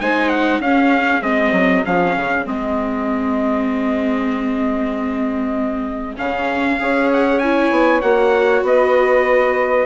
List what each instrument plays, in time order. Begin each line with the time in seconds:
0.00 bassoon G#3, viola D#4, saxophone C5, trumpet G#5
0.29 trumpet F#5
0.59 bassoon C#4, viola C#4, saxophone G#4, trumpet F5
1.22 bassoon G#3, viola C4, trumpet D#5
1.52 bassoon F#3
1.84 bassoon F3, viola C#4, trumpet F5
2.16 bassoon C#3
2.45 bassoon G#3, viola C4, trumpet D#5
6.16 bassoon C#3, viola C#4, trumpet F5
6.79 bassoon C#4, viola G#4, saxophone C#5
7.13 trumpet F#5
7.39 viola E4, trumpet G#5
7.71 bassoon B3
8.01 bassoon A#3, viola F#4, trumpet F#5
8.62 bassoon B3, saxophone B4, trumpet D#5